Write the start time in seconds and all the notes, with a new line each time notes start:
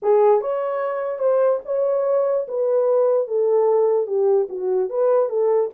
0.02 G#4
0.41 C#5
1.18 C5
1.65 C#5
2.48 B4
3.27 A4
4.06 G4
4.49 F#4
4.89 B4
5.29 A4